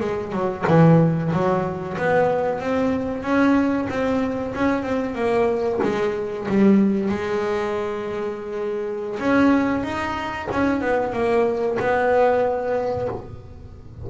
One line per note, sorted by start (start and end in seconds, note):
0.00 0.32 G#3
0.32 0.65 F#3
0.67 1.32 E3
1.33 1.97 F#3
1.97 2.60 B3
2.60 3.23 C4
3.23 3.88 C#4
3.89 4.54 C4
4.55 4.83 C#4
4.83 5.15 C4
5.15 5.80 A#3
5.82 6.47 G#3
6.48 7.09 G3
7.09 9.18 G#3
9.19 9.83 C#4
9.83 10.48 D#4
10.52 10.81 C#4
10.81 11.13 B3
11.13 11.78 A#3
11.79 13.08 B3